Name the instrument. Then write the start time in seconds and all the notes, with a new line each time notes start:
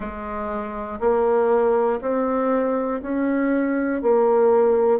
bassoon
0.00 G#3
1.00 A#3
2.00 C4
3.01 C#4
4.02 A#3